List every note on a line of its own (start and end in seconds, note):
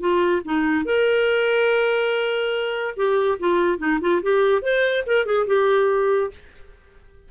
0.00 0.42 F4
0.45 0.85 D#4
0.85 2.95 A#4
2.96 3.38 G4
3.39 3.78 F4
3.78 3.99 D#4
4.01 4.22 F4
4.22 4.62 G4
4.62 5.04 C5
5.06 5.26 A#4
5.26 5.47 G#4
5.47 6.31 G4